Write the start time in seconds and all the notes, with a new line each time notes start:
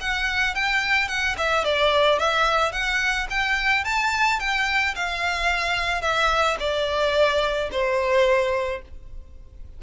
0.00 F#5
0.54 G5
1.08 F#5
1.37 E5
1.64 D5
2.19 E5
2.72 F#5
3.30 G5
3.84 A5
4.39 G5
4.95 F5
6.01 E5
6.59 D5
7.71 C5